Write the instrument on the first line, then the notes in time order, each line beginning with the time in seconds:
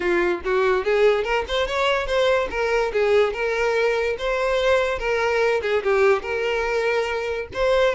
violin
0.00 F4
0.44 F#4
0.84 G#4
1.24 A#4
1.48 C5
1.67 C#5
2.06 C5
2.50 A#4
2.92 G#4
3.33 A#4
4.18 C5
4.98 A#4
5.62 G#4
5.83 G4
6.22 A#4
7.53 C5